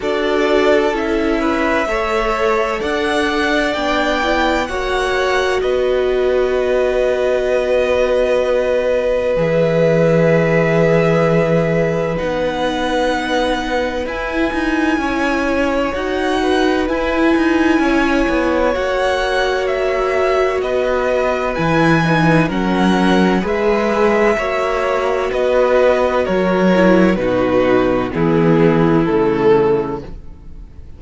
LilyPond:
<<
  \new Staff \with { instrumentName = "violin" } { \time 4/4 \tempo 4 = 64 d''4 e''2 fis''4 | g''4 fis''4 dis''2~ | dis''2 e''2~ | e''4 fis''2 gis''4~ |
gis''4 fis''4 gis''2 | fis''4 e''4 dis''4 gis''4 | fis''4 e''2 dis''4 | cis''4 b'4 gis'4 a'4 | }
  \new Staff \with { instrumentName = "violin" } { \time 4/4 a'4. b'8 cis''4 d''4~ | d''4 cis''4 b'2~ | b'1~ | b'1 |
cis''4. b'4. cis''4~ | cis''2 b'2 | ais'4 b'4 cis''4 b'4 | ais'4 fis'4 e'2 | }
  \new Staff \with { instrumentName = "viola" } { \time 4/4 fis'4 e'4 a'2 | d'8 e'8 fis'2.~ | fis'2 gis'2~ | gis'4 dis'2 e'4~ |
e'4 fis'4 e'2 | fis'2. e'8 dis'8 | cis'4 gis'4 fis'2~ | fis'8 e'8 dis'4 b4 a4 | }
  \new Staff \with { instrumentName = "cello" } { \time 4/4 d'4 cis'4 a4 d'4 | b4 ais4 b2~ | b2 e2~ | e4 b2 e'8 dis'8 |
cis'4 dis'4 e'8 dis'8 cis'8 b8 | ais2 b4 e4 | fis4 gis4 ais4 b4 | fis4 b,4 e4 cis4 | }
>>